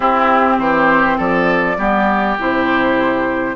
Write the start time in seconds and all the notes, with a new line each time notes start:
0.00 C4 E4 G4
0.58 E3 G4 C5
1.17 F3 A4 D5
1.77 G3 B3 G4
2.38 C3 E4 C5